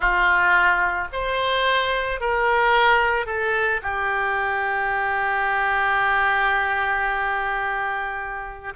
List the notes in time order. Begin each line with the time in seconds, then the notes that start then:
0.00 F4
1.12 C5
2.20 A#4
3.26 A4
3.82 G4